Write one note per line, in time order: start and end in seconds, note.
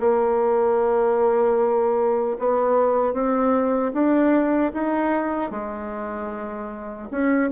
0.00 2.37 A#3
2.39 3.13 B3
3.13 3.92 C4
3.93 4.72 D4
4.74 5.51 D#4
5.51 7.09 G#3
7.11 7.51 C#4